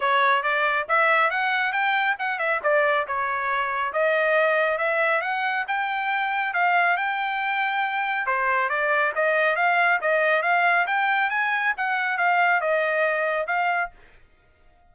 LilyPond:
\new Staff \with { instrumentName = "trumpet" } { \time 4/4 \tempo 4 = 138 cis''4 d''4 e''4 fis''4 | g''4 fis''8 e''8 d''4 cis''4~ | cis''4 dis''2 e''4 | fis''4 g''2 f''4 |
g''2. c''4 | d''4 dis''4 f''4 dis''4 | f''4 g''4 gis''4 fis''4 | f''4 dis''2 f''4 | }